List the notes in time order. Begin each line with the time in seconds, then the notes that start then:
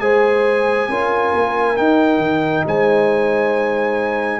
0.00 G#3 G#4 C5 G#5
0.88 C#4 F4 A#4
1.34 A#3
1.76 D#4 G5
2.18 D#3
2.66 G#3 C5 G#5